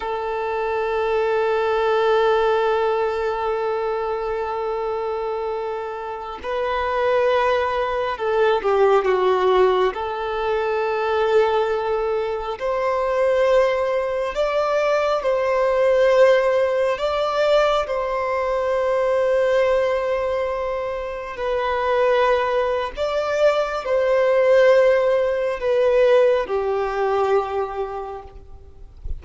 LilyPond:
\new Staff \with { instrumentName = "violin" } { \time 4/4 \tempo 4 = 68 a'1~ | a'2.~ a'16 b'8.~ | b'4~ b'16 a'8 g'8 fis'4 a'8.~ | a'2~ a'16 c''4.~ c''16~ |
c''16 d''4 c''2 d''8.~ | d''16 c''2.~ c''8.~ | c''16 b'4.~ b'16 d''4 c''4~ | c''4 b'4 g'2 | }